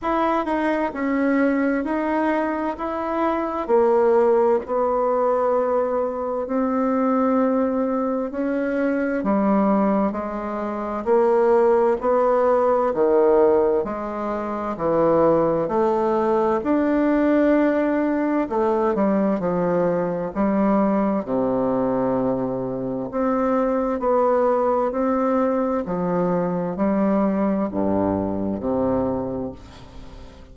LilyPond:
\new Staff \with { instrumentName = "bassoon" } { \time 4/4 \tempo 4 = 65 e'8 dis'8 cis'4 dis'4 e'4 | ais4 b2 c'4~ | c'4 cis'4 g4 gis4 | ais4 b4 dis4 gis4 |
e4 a4 d'2 | a8 g8 f4 g4 c4~ | c4 c'4 b4 c'4 | f4 g4 g,4 c4 | }